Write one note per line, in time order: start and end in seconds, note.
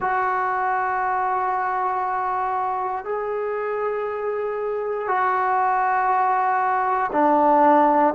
0.00 3.05 F#4
3.05 5.07 G#4
5.07 7.10 F#4
7.12 8.14 D4